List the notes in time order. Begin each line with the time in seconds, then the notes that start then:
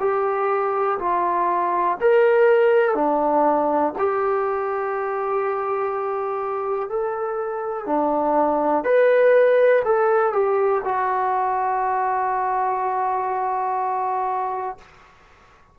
0.00 G4
0.99 F4
2.01 A#4
2.95 D4
3.98 G4
6.89 A4
7.86 D4
8.84 B4
9.85 A4
10.33 G4
10.85 F#4